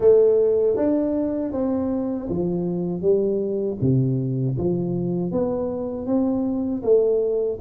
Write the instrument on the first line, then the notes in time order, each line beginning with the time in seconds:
tuba
0.00 A3
0.76 D4
1.52 C4
2.29 F3
3.01 G3
3.81 C3
4.57 F3
5.31 B3
6.06 C4
6.83 A3